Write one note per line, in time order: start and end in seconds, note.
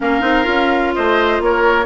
0.00 0.21 A#3
0.00 0.21 C#4
0.00 0.95 A#4
0.00 0.94 F5
0.21 0.45 C4
0.21 0.44 D#4
0.44 0.94 C#4
0.44 1.84 F4
0.94 1.40 A3
0.94 1.42 C5
0.94 1.41 D#5
1.40 1.85 A#3
1.40 1.85 A#4
1.40 1.85 C#5